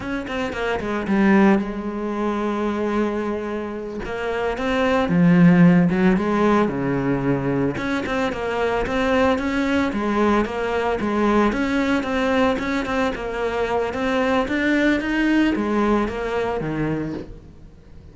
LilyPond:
\new Staff \with { instrumentName = "cello" } { \time 4/4 \tempo 4 = 112 cis'8 c'8 ais8 gis8 g4 gis4~ | gis2.~ gis8 ais8~ | ais8 c'4 f4. fis8 gis8~ | gis8 cis2 cis'8 c'8 ais8~ |
ais8 c'4 cis'4 gis4 ais8~ | ais8 gis4 cis'4 c'4 cis'8 | c'8 ais4. c'4 d'4 | dis'4 gis4 ais4 dis4 | }